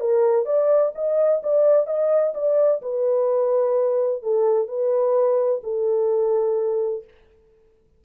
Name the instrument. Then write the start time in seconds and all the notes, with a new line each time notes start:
horn
0.00 A#4
0.45 D5
0.95 D#5
1.43 D5
1.86 D#5
2.34 D5
2.82 B4
4.23 A4
4.68 B4
5.64 A4